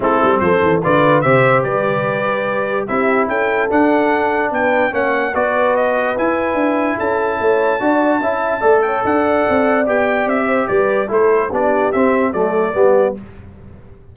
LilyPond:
<<
  \new Staff \with { instrumentName = "trumpet" } { \time 4/4 \tempo 4 = 146 a'4 c''4 d''4 e''4 | d''2. e''4 | g''4 fis''2 g''4 | fis''4 d''4 dis''4 gis''4~ |
gis''4 a''2.~ | a''4. g''8 fis''2 | g''4 e''4 d''4 c''4 | d''4 e''4 d''2 | }
  \new Staff \with { instrumentName = "horn" } { \time 4/4 e'4 a'4 b'4 c''4 | b'2. g'4 | a'2. b'4 | cis''4 b'2.~ |
b'4 a'4 cis''4 d''4 | e''4 d''8 cis''8 d''2~ | d''4. c''8 b'4 a'4 | g'2 a'4 g'4 | }
  \new Staff \with { instrumentName = "trombone" } { \time 4/4 c'2 f'4 g'4~ | g'2. e'4~ | e'4 d'2. | cis'4 fis'2 e'4~ |
e'2. fis'4 | e'4 a'2. | g'2. e'4 | d'4 c'4 a4 b4 | }
  \new Staff \with { instrumentName = "tuba" } { \time 4/4 a8 g8 f8 e8 d4 c4 | g2. c'4 | cis'4 d'2 b4 | ais4 b2 e'4 |
d'4 cis'4 a4 d'4 | cis'4 a4 d'4 c'4 | b4 c'4 g4 a4 | b4 c'4 fis4 g4 | }
>>